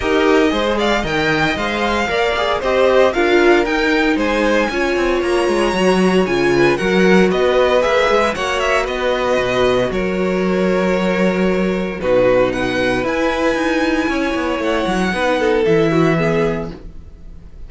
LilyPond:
<<
  \new Staff \with { instrumentName = "violin" } { \time 4/4 \tempo 4 = 115 dis''4. f''8 g''4 f''4~ | f''4 dis''4 f''4 g''4 | gis''2 ais''2 | gis''4 fis''4 dis''4 e''4 |
fis''8 e''8 dis''2 cis''4~ | cis''2. b'4 | fis''4 gis''2. | fis''2 e''2 | }
  \new Staff \with { instrumentName = "violin" } { \time 4/4 ais'4 c''8 d''8 dis''2 | d''4 c''4 ais'2 | c''4 cis''2.~ | cis''8 b'8 ais'4 b'2 |
cis''4 b'2 ais'4~ | ais'2. fis'4 | b'2. cis''4~ | cis''4 b'8 a'4 fis'8 gis'4 | }
  \new Staff \with { instrumentName = "viola" } { \time 4/4 g'4 gis'4 ais'4 c''4 | ais'8 gis'8 g'4 f'4 dis'4~ | dis'4 f'2 fis'4 | f'4 fis'2 gis'4 |
fis'1~ | fis'2. dis'4~ | dis'4 e'2.~ | e'4 dis'4 e'4 b4 | }
  \new Staff \with { instrumentName = "cello" } { \time 4/4 dis'4 gis4 dis4 gis4 | ais4 c'4 d'4 dis'4 | gis4 cis'8 c'8 ais8 gis8 fis4 | cis4 fis4 b4 ais8 gis8 |
ais4 b4 b,4 fis4~ | fis2. b,4~ | b,4 e'4 dis'4 cis'8 b8 | a8 fis8 b4 e2 | }
>>